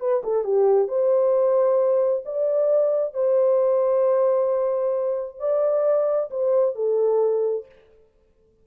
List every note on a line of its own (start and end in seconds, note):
0.00 0.23 B4
0.23 0.44 A4
0.44 0.88 G4
0.88 2.23 C5
2.25 3.14 D5
3.14 5.39 C5
5.39 6.30 D5
6.31 6.75 C5
6.75 7.65 A4